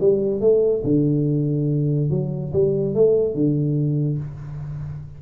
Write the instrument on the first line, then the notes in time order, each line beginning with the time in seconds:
tuba
0.00 G3
0.41 A3
0.84 D3
2.10 F#3
2.53 G3
2.94 A3
3.34 D3